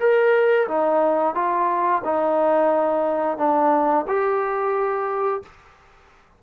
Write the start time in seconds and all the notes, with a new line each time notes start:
0.00 A#4
0.68 D#4
1.35 F4
2.04 D#4
3.37 D4
4.08 G4